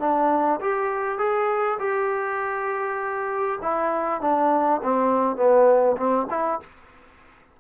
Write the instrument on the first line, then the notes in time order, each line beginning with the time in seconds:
trombone
0.00 D4
0.61 G4
1.18 G#4
1.79 G4
3.62 E4
4.21 D4
4.83 C4
5.36 B3
5.97 C4
6.31 E4